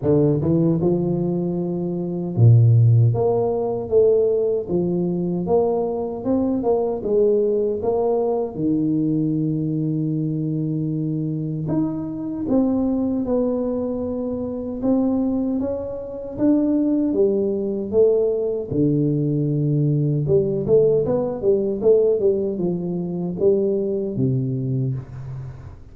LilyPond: \new Staff \with { instrumentName = "tuba" } { \time 4/4 \tempo 4 = 77 d8 e8 f2 ais,4 | ais4 a4 f4 ais4 | c'8 ais8 gis4 ais4 dis4~ | dis2. dis'4 |
c'4 b2 c'4 | cis'4 d'4 g4 a4 | d2 g8 a8 b8 g8 | a8 g8 f4 g4 c4 | }